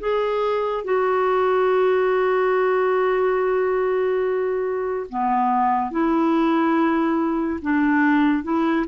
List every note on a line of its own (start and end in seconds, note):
0.00 0.85 G#4
0.85 5.07 F#4
5.10 5.91 B3
5.91 7.60 E4
7.62 8.44 D4
8.44 8.86 E4